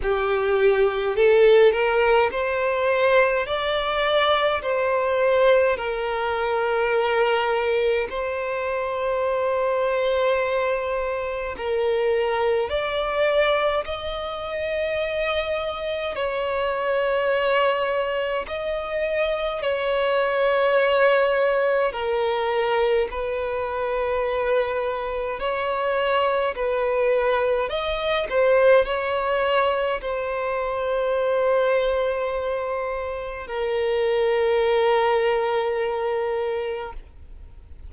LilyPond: \new Staff \with { instrumentName = "violin" } { \time 4/4 \tempo 4 = 52 g'4 a'8 ais'8 c''4 d''4 | c''4 ais'2 c''4~ | c''2 ais'4 d''4 | dis''2 cis''2 |
dis''4 cis''2 ais'4 | b'2 cis''4 b'4 | dis''8 c''8 cis''4 c''2~ | c''4 ais'2. | }